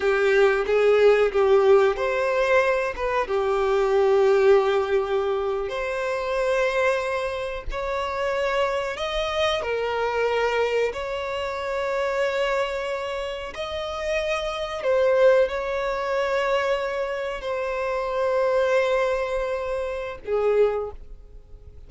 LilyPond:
\new Staff \with { instrumentName = "violin" } { \time 4/4 \tempo 4 = 92 g'4 gis'4 g'4 c''4~ | c''8 b'8 g'2.~ | g'8. c''2. cis''16~ | cis''4.~ cis''16 dis''4 ais'4~ ais'16~ |
ais'8. cis''2.~ cis''16~ | cis''8. dis''2 c''4 cis''16~ | cis''2~ cis''8. c''4~ c''16~ | c''2. gis'4 | }